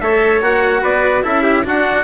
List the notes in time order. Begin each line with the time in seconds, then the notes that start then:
0.00 A3 A4 C#5 E5
0.41 A#3 F#4 F#5
0.82 B3 B4 D5
1.22 C#4 E4 A4 E5
1.42 G4
1.64 D4 F#4 F#5